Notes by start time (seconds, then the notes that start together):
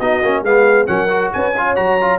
0.00 B3 D#4 F#4 D#5
0.23 A#3 C#4
0.43 G#3 B3 G#4 F5
0.87 F#3 C#4 A#4 F#5
1.09 F#4
1.33 C#4 B4 G#5
1.55 F4 C#5
1.76 F#3 F#4 A#5
2.01 F4